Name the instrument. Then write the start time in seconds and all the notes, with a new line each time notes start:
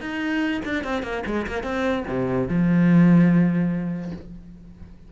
cello
0.00 D#4
0.64 D4
0.83 C4
1.03 A#3
1.26 G#3
1.47 A#3
1.63 C4
2.07 C3
2.48 F3